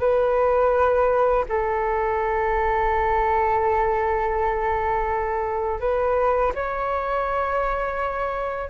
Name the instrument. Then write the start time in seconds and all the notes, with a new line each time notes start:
flute
0.00 B4
1.49 A4
5.80 B4
6.55 C#5